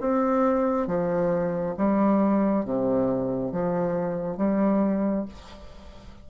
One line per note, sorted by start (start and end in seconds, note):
0.00 0.87 C4
0.87 1.75 F3
1.77 2.65 G3
2.65 3.52 C3
3.52 4.37 F3
4.37 5.25 G3